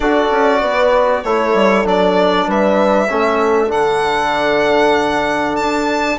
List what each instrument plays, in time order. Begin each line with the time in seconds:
0.00 bassoon D4, trombone F#4, horn A4, violin D5
0.30 bassoon C#4
0.61 bassoon B3, horn B4
1.24 bassoon A3, trombone E4, horn A4, violin C#5
1.54 bassoon G3
1.84 bassoon F#3, trombone D4, violin D5
2.47 bassoon G3, horn B4, violin E5
3.09 bassoon A3, trombone C#4, horn A4
3.68 bassoon D3, trombone D4, violin F#5
5.56 bassoon D4, violin A5